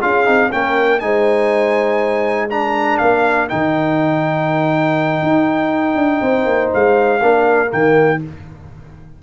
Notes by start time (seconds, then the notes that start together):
0.00 C#4 F4 G#4 F5
0.25 C4 D#4
0.52 A#3 C#4 A#4 G5
0.99 G#3 D#4 C5 G#5
2.50 D4 A#4 A#5
2.98 A#3 F5
3.49 D#3 D#4 G5
5.22 D#4
5.96 D4
6.21 C4 C5
6.46 A#3
6.74 G#3 F5
7.22 A#3 D4 A#4
7.67 A#3 G5
7.73 D#3